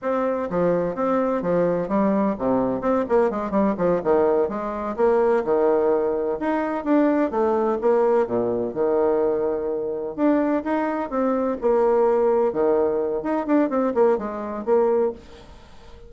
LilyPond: \new Staff \with { instrumentName = "bassoon" } { \time 4/4 \tempo 4 = 127 c'4 f4 c'4 f4 | g4 c4 c'8 ais8 gis8 g8 | f8 dis4 gis4 ais4 dis8~ | dis4. dis'4 d'4 a8~ |
a8 ais4 ais,4 dis4.~ | dis4. d'4 dis'4 c'8~ | c'8 ais2 dis4. | dis'8 d'8 c'8 ais8 gis4 ais4 | }